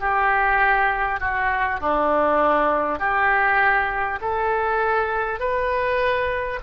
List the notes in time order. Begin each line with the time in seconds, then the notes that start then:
0.00 G4
1.21 F#4
1.81 D4
2.99 G4
4.22 A4
5.40 B4